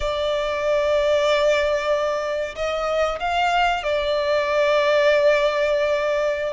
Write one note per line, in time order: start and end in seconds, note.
0.00 2.55 D5
2.55 3.19 D#5
3.19 3.83 F5
3.83 6.53 D5